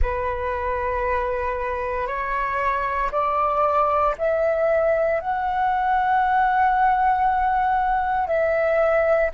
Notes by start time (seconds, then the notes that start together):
0.02 B4
2.07 C#5
3.11 D5
4.18 E5
5.20 F#5
8.27 E5